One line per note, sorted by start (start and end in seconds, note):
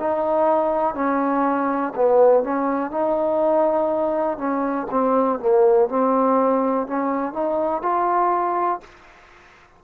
0.00 0.95 D#4
0.95 1.94 C#4
1.96 2.44 B3
2.44 2.92 C#4
2.92 4.38 D#4
4.38 4.88 C#4
4.91 5.40 C4
5.40 5.89 A#3
5.89 6.88 C4
6.88 7.34 C#4
7.34 7.82 D#4
7.83 8.81 F4